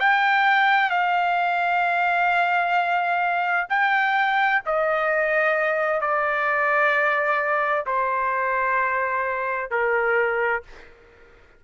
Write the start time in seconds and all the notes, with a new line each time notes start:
0.00 G5
0.90 F5
3.69 G5
4.66 D#5
6.01 D5
7.86 C5
9.70 A#4